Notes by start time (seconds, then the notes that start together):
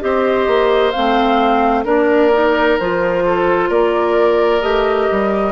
0.00 C4 G4 C5 D#5
0.47 A#3
0.91 A3 C4 F5
1.84 A#3 D4 A#4 D5
2.33 D#4
2.79 F3 F4 C5
3.25 A4
3.69 A#3 A#4 D5
4.61 A3 G4 D#5
5.11 G3